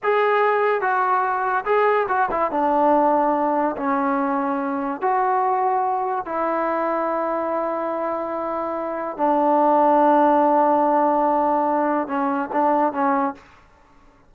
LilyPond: \new Staff \with { instrumentName = "trombone" } { \time 4/4 \tempo 4 = 144 gis'2 fis'2 | gis'4 fis'8 e'8 d'2~ | d'4 cis'2. | fis'2. e'4~ |
e'1~ | e'2 d'2~ | d'1~ | d'4 cis'4 d'4 cis'4 | }